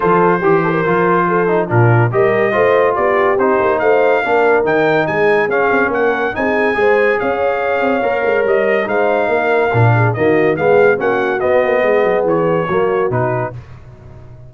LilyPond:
<<
  \new Staff \with { instrumentName = "trumpet" } { \time 4/4 \tempo 4 = 142 c''1 | ais'4 dis''2 d''4 | c''4 f''2 g''4 | gis''4 f''4 fis''4 gis''4~ |
gis''4 f''2. | dis''4 f''2. | dis''4 f''4 fis''4 dis''4~ | dis''4 cis''2 b'4 | }
  \new Staff \with { instrumentName = "horn" } { \time 4/4 a'4 g'8 a'16 ais'4~ ais'16 a'4 | f'4 ais'4 c''4 g'4~ | g'4 c''4 ais'2 | gis'2 ais'4 gis'4 |
c''4 cis''2.~ | cis''4 c''4 ais'4. gis'8 | fis'4 gis'4 fis'2 | gis'2 fis'2 | }
  \new Staff \with { instrumentName = "trombone" } { \time 4/4 f'4 g'4 f'4. dis'8 | d'4 g'4 f'2 | dis'2 d'4 dis'4~ | dis'4 cis'2 dis'4 |
gis'2. ais'4~ | ais'4 dis'2 d'4 | ais4 b4 cis'4 b4~ | b2 ais4 dis'4 | }
  \new Staff \with { instrumentName = "tuba" } { \time 4/4 f4 e4 f2 | ais,4 g4 a4 b4 | c'8 ais8 a4 ais4 dis4 | gis4 cis'8 c'8 ais4 c'4 |
gis4 cis'4. c'8 ais8 gis8 | g4 gis4 ais4 ais,4 | dis4 gis4 ais4 b8 ais8 | gis8 fis8 e4 fis4 b,4 | }
>>